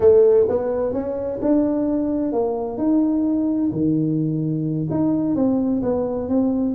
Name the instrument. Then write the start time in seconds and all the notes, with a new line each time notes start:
tuba
0.00 A3
0.48 B3
0.93 C#4
1.41 D4
2.32 A#3
2.77 D#4
3.71 D#3
4.90 D#4
5.35 C4
5.82 B3
6.28 C4